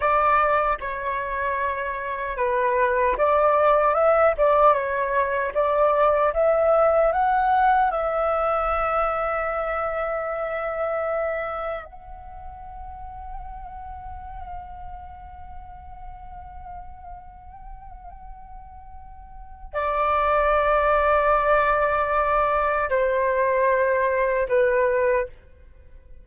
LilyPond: \new Staff \with { instrumentName = "flute" } { \time 4/4 \tempo 4 = 76 d''4 cis''2 b'4 | d''4 e''8 d''8 cis''4 d''4 | e''4 fis''4 e''2~ | e''2. fis''4~ |
fis''1~ | fis''1~ | fis''4 d''2.~ | d''4 c''2 b'4 | }